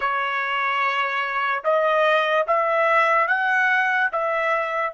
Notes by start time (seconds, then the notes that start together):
0.00 C#5
1.64 D#5
2.47 E5
3.27 F#5
4.12 E5